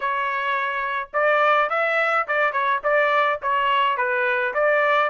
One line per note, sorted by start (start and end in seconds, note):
0.00 1.09 C#5
1.13 1.69 D5
1.69 2.26 E5
2.27 2.52 D5
2.52 2.80 C#5
2.83 3.40 D5
3.42 3.97 C#5
3.97 4.53 B4
4.53 5.10 D5